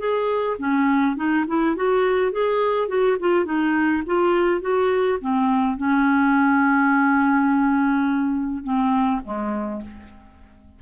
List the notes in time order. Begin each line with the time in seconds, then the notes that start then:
0.00 G#4
0.59 C#4
1.17 D#4
1.48 E4
1.76 F#4
2.32 G#4
2.88 F#4
3.20 F4
3.46 D#4
4.07 F4
4.62 F#4
5.21 C4
5.77 C#4
8.64 C4
9.25 G#3